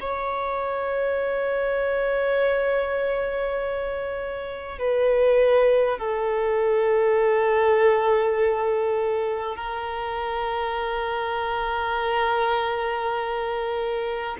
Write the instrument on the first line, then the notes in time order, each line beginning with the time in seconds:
violin
0.00 C#5
4.78 B4
5.98 A4
9.56 A#4